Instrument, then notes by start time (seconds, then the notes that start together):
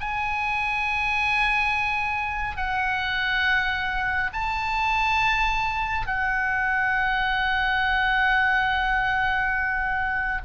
oboe
0.00 G#5
2.57 F#5
4.33 A5
6.07 F#5